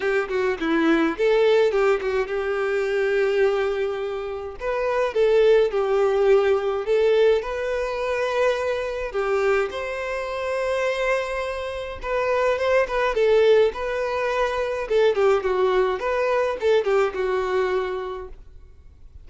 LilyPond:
\new Staff \with { instrumentName = "violin" } { \time 4/4 \tempo 4 = 105 g'8 fis'8 e'4 a'4 g'8 fis'8 | g'1 | b'4 a'4 g'2 | a'4 b'2. |
g'4 c''2.~ | c''4 b'4 c''8 b'8 a'4 | b'2 a'8 g'8 fis'4 | b'4 a'8 g'8 fis'2 | }